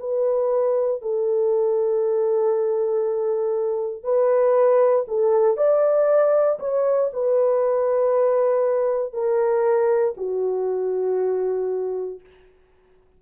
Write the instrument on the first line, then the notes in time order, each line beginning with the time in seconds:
horn
0.00 B4
1.02 A4
4.04 B4
5.08 A4
5.57 D5
6.60 C#5
7.13 B4
9.13 A#4
10.17 F#4